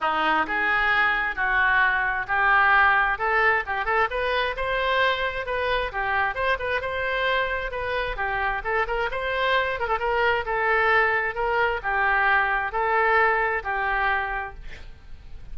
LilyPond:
\new Staff \with { instrumentName = "oboe" } { \time 4/4 \tempo 4 = 132 dis'4 gis'2 fis'4~ | fis'4 g'2 a'4 | g'8 a'8 b'4 c''2 | b'4 g'4 c''8 b'8 c''4~ |
c''4 b'4 g'4 a'8 ais'8 | c''4. ais'16 a'16 ais'4 a'4~ | a'4 ais'4 g'2 | a'2 g'2 | }